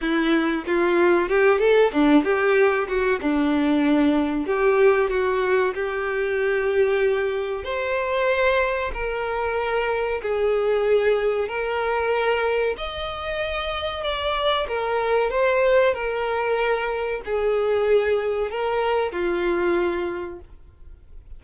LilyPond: \new Staff \with { instrumentName = "violin" } { \time 4/4 \tempo 4 = 94 e'4 f'4 g'8 a'8 d'8 g'8~ | g'8 fis'8 d'2 g'4 | fis'4 g'2. | c''2 ais'2 |
gis'2 ais'2 | dis''2 d''4 ais'4 | c''4 ais'2 gis'4~ | gis'4 ais'4 f'2 | }